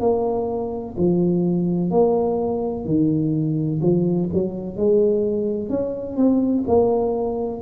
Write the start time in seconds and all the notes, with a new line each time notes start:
0.00 A#3
0.97 F3
1.90 A#3
2.85 D#3
3.82 F3
4.33 F#3
4.77 G#3
5.69 C#4
6.16 C4
6.67 A#3